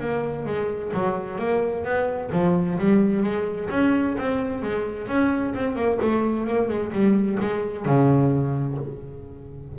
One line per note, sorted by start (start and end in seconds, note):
0.00 0.46 A#3
0.46 0.92 G#3
0.94 1.38 F#3
1.38 1.84 A#3
1.84 2.31 B3
2.32 2.78 F3
2.79 3.23 G3
3.23 3.69 G#3
3.70 4.16 C#4
4.17 4.62 C4
4.62 5.07 G#3
5.07 5.54 C#4
5.54 5.76 C4
5.76 5.99 A#3
6.01 6.47 A3
6.47 6.69 A#3
6.69 6.92 G#3
6.92 7.38 G3
7.40 7.86 G#3
7.86 8.78 C#3